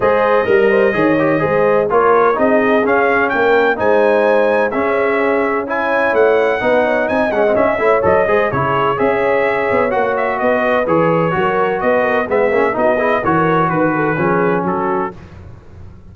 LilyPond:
<<
  \new Staff \with { instrumentName = "trumpet" } { \time 4/4 \tempo 4 = 127 dis''1 | cis''4 dis''4 f''4 g''4 | gis''2 e''2 | gis''4 fis''2 gis''8 fis''8 |
e''4 dis''4 cis''4 e''4~ | e''4 fis''8 e''8 dis''4 cis''4~ | cis''4 dis''4 e''4 dis''4 | cis''4 b'2 a'4 | }
  \new Staff \with { instrumentName = "horn" } { \time 4/4 c''4 ais'8 c''8 cis''4 c''4 | ais'4 gis'2 ais'4 | c''2 gis'2 | cis''2 b'8 cis''8 dis''4~ |
dis''8 cis''4 c''8 gis'4 cis''4~ | cis''2 b'2 | ais'4 b'8 ais'8 gis'4 fis'8 gis'8 | ais'4 b'8 a'8 gis'4 fis'4 | }
  \new Staff \with { instrumentName = "trombone" } { \time 4/4 gis'4 ais'4 gis'8 g'8 gis'4 | f'4 dis'4 cis'2 | dis'2 cis'2 | e'2 dis'4. cis'16 c'16 |
cis'8 e'8 a'8 gis'8 e'4 gis'4~ | gis'4 fis'2 gis'4 | fis'2 b8 cis'8 dis'8 e'8 | fis'2 cis'2 | }
  \new Staff \with { instrumentName = "tuba" } { \time 4/4 gis4 g4 dis4 gis4 | ais4 c'4 cis'4 ais4 | gis2 cis'2~ | cis'4 a4 b4 c'8 gis8 |
cis'8 a8 fis8 gis8 cis4 cis'4~ | cis'8 b8 ais4 b4 e4 | fis4 b4 gis8 ais8 b4 | e4 dis4 f4 fis4 | }
>>